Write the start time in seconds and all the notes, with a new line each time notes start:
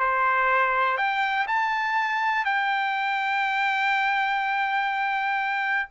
0.00 C5
0.98 G5
1.48 A5
2.45 G5